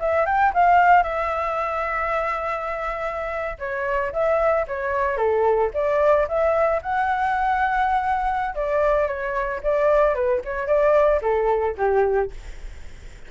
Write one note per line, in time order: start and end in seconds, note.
0.00 0.26 E5
0.26 0.53 G5
0.54 1.03 F5
1.03 3.58 E5
3.58 4.12 C#5
4.13 4.66 E5
4.68 5.17 C#5
5.17 5.71 A4
5.74 6.27 D5
6.28 6.82 E5
6.82 8.55 F#5
8.55 9.07 D5
9.07 9.61 C#5
9.63 10.14 D5
10.14 10.41 B4
10.45 10.67 C#5
10.67 11.21 D5
11.22 11.76 A4
11.78 12.31 G4